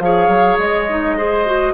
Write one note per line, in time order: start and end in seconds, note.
0.00 0.28 F3
0.00 0.88 G#4
0.00 1.17 C#5
0.00 0.58 F5
0.28 0.57 F#3
0.58 1.73 G#3
0.58 1.73 D#5
0.88 1.17 D#4
1.17 1.46 G#4
1.17 1.73 C5
1.46 1.73 F#4